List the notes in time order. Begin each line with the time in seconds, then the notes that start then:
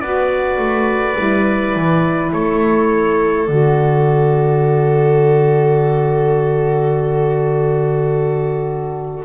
0.00 B3 F#4 B4 D5
0.57 A3
1.15 G3 E4
1.75 E3
2.32 A3 A4 C#5
3.46 D3 F#4 D5